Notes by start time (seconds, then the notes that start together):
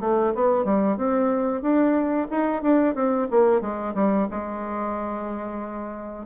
0.00 A3
0.34 B3
0.64 G3
0.97 C4
1.61 D4
2.30 D#4
2.62 D4
2.95 C4
3.30 A#3
3.61 G#3
3.94 G3
4.30 G#3